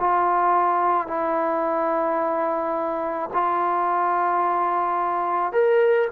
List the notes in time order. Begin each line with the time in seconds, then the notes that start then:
0.00 F4
1.08 E4
3.34 F4
5.53 A#4